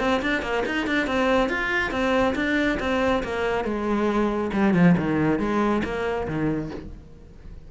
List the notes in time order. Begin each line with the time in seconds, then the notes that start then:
0.00 C4
0.22 D4
0.42 A#3
0.66 D#4
0.87 D4
1.07 C4
1.50 F4
1.91 C4
2.36 D4
2.80 C4
3.24 A#3
3.65 G#3
4.53 G3
4.74 F3
4.98 D#3
5.39 G#3
5.84 A#3
6.28 D#3